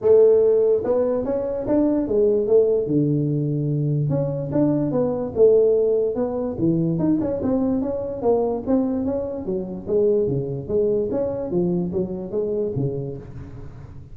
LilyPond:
\new Staff \with { instrumentName = "tuba" } { \time 4/4 \tempo 4 = 146 a2 b4 cis'4 | d'4 gis4 a4 d4~ | d2 cis'4 d'4 | b4 a2 b4 |
e4 dis'8 cis'8 c'4 cis'4 | ais4 c'4 cis'4 fis4 | gis4 cis4 gis4 cis'4 | f4 fis4 gis4 cis4 | }